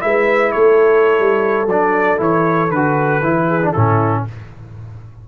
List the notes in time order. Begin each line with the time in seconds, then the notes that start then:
0.00 G#3 E4 B4 E5
0.51 A3 A4 C#5
1.19 G3
1.66 F#3 D4 D5
2.17 E3 E4 C#5
2.70 D3 F#4 B4
3.21 E3 E4
3.47 G#4
3.62 D4
3.72 A2 C#4 E4 A4